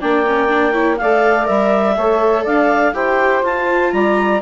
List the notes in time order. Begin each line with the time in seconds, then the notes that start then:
0.00 A#3 D4 D5 G5
0.27 C#4
0.49 D4
0.72 E4 C#5
0.98 A3 A4 D5 F5
1.44 G3 A#4 E5
1.96 A3 A4 C#5
2.43 D4 D5 F5
2.94 E4 G4 C5 G5
3.43 F4 A5
3.93 G3 D5 A#5